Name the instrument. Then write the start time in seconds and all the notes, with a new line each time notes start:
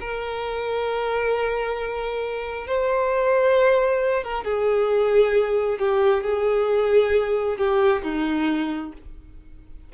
violin
0.00 A#4
2.67 C5
4.24 A#4
4.45 G#4
5.78 G4
6.23 G#4
7.58 G4
8.03 D#4